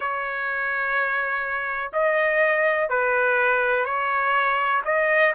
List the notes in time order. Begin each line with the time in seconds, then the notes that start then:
0.00 C#5
1.93 D#5
2.89 B4
3.85 C#5
4.84 D#5